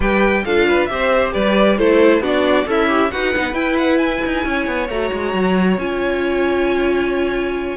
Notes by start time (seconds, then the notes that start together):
0.00 G3 G4 B4 G5
0.45 D4 F4 A4 F5
0.67 B4
0.86 C4 G4 C5 E5
1.33 G3 B4 D5
1.77 A3 E4 A4 C5
2.20 B3 D4 F#4 D5
2.66 C#4 E4 A4 E5
2.87 G4
3.11 D#4 F#4 B4 F#5
3.34 B3 D#4
3.52 E4 G5
3.78 F#5
3.98 G#5
4.25 D#4
4.44 C#4 C#5
4.66 B3
4.88 A3 F#4 A#5
5.12 G#3
5.33 F#3
5.77 C#4 F4 G#5